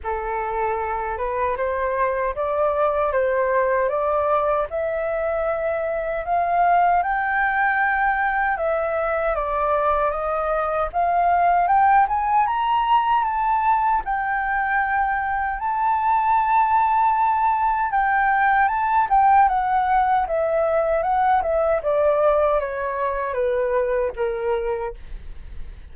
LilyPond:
\new Staff \with { instrumentName = "flute" } { \time 4/4 \tempo 4 = 77 a'4. b'8 c''4 d''4 | c''4 d''4 e''2 | f''4 g''2 e''4 | d''4 dis''4 f''4 g''8 gis''8 |
ais''4 a''4 g''2 | a''2. g''4 | a''8 g''8 fis''4 e''4 fis''8 e''8 | d''4 cis''4 b'4 ais'4 | }